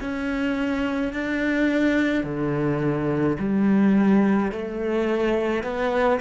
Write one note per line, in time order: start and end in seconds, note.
0.00 1.13 C#4
1.13 2.23 D4
2.23 3.37 D3
3.39 4.52 G3
4.52 5.63 A3
5.63 6.20 B3